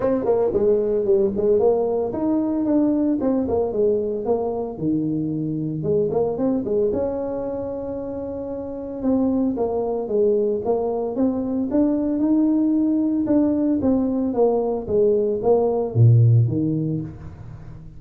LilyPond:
\new Staff \with { instrumentName = "tuba" } { \time 4/4 \tempo 4 = 113 c'8 ais8 gis4 g8 gis8 ais4 | dis'4 d'4 c'8 ais8 gis4 | ais4 dis2 gis8 ais8 | c'8 gis8 cis'2.~ |
cis'4 c'4 ais4 gis4 | ais4 c'4 d'4 dis'4~ | dis'4 d'4 c'4 ais4 | gis4 ais4 ais,4 dis4 | }